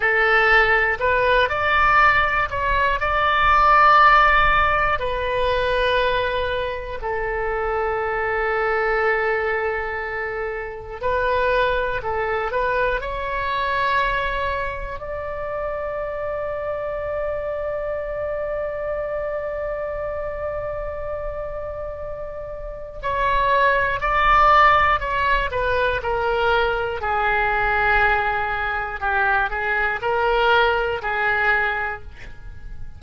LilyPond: \new Staff \with { instrumentName = "oboe" } { \time 4/4 \tempo 4 = 60 a'4 b'8 d''4 cis''8 d''4~ | d''4 b'2 a'4~ | a'2. b'4 | a'8 b'8 cis''2 d''4~ |
d''1~ | d''2. cis''4 | d''4 cis''8 b'8 ais'4 gis'4~ | gis'4 g'8 gis'8 ais'4 gis'4 | }